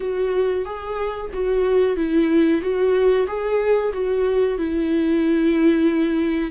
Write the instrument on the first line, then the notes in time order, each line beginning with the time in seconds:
viola
0.00 F#4
0.65 G#4
1.33 F#4
1.96 E4
2.61 F#4
3.27 G#4
3.92 F#4
4.58 E4